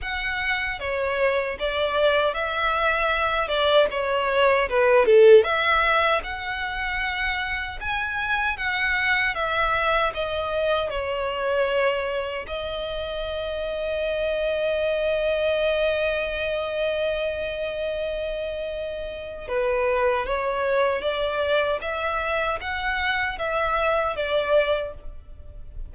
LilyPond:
\new Staff \with { instrumentName = "violin" } { \time 4/4 \tempo 4 = 77 fis''4 cis''4 d''4 e''4~ | e''8 d''8 cis''4 b'8 a'8 e''4 | fis''2 gis''4 fis''4 | e''4 dis''4 cis''2 |
dis''1~ | dis''1~ | dis''4 b'4 cis''4 d''4 | e''4 fis''4 e''4 d''4 | }